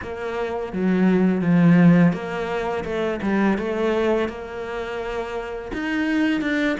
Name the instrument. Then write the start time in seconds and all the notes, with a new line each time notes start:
cello
0.02 A#3
0.72 F#3
1.41 F3
2.12 A#3
2.84 A3
3.22 G3
3.57 A3
4.29 A#3
5.73 D#4
6.41 D4